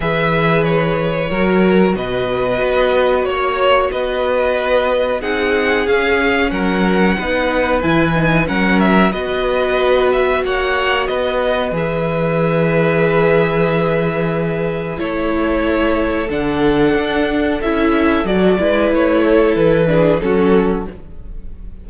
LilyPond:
<<
  \new Staff \with { instrumentName = "violin" } { \time 4/4 \tempo 4 = 92 e''4 cis''2 dis''4~ | dis''4 cis''4 dis''2 | fis''4 f''4 fis''2 | gis''4 fis''8 e''8 dis''4. e''8 |
fis''4 dis''4 e''2~ | e''2. cis''4~ | cis''4 fis''2 e''4 | d''4 cis''4 b'4 a'4 | }
  \new Staff \with { instrumentName = "violin" } { \time 4/4 b'2 ais'4 b'4~ | b'4 cis''4 b'2 | gis'2 ais'4 b'4~ | b'4 ais'4 b'2 |
cis''4 b'2.~ | b'2. a'4~ | a'1~ | a'8 b'4 a'4 gis'8 fis'4 | }
  \new Staff \with { instrumentName = "viola" } { \time 4/4 gis'2 fis'2~ | fis'1 | dis'4 cis'2 dis'4 | e'8 dis'8 cis'4 fis'2~ |
fis'2 gis'2~ | gis'2. e'4~ | e'4 d'2 e'4 | fis'8 e'2 d'8 cis'4 | }
  \new Staff \with { instrumentName = "cello" } { \time 4/4 e2 fis4 b,4 | b4 ais4 b2 | c'4 cis'4 fis4 b4 | e4 fis4 b2 |
ais4 b4 e2~ | e2. a4~ | a4 d4 d'4 cis'4 | fis8 gis8 a4 e4 fis4 | }
>>